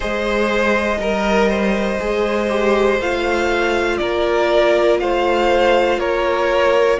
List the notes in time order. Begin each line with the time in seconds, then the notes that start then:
0.00 G#3 G#4 C5 D#5
0.98 G3 A#4
1.49 C5
1.99 G#3 G#4
2.49 G4
2.99 A3 F4 F5
3.97 A#3 A#4 D5
4.99 A3 C5 F5
5.97 A#3 A#4 C#5